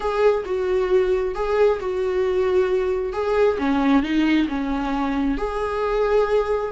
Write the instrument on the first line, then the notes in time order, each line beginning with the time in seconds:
viola
0.00 G#4
0.45 F#4
1.34 G#4
1.80 F#4
3.12 G#4
3.58 C#4
4.02 D#4
4.48 C#4
5.37 G#4